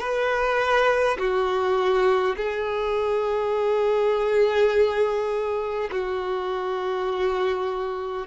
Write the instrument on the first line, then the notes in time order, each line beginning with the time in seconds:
violin
0.00 B4
1.18 F#4
2.37 G#4
5.91 F#4